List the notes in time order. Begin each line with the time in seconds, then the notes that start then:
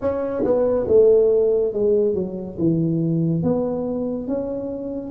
0.01 C#4
0.44 B3
0.87 A3
1.73 G#3
2.14 F#3
2.58 E3
3.42 B3
4.27 C#4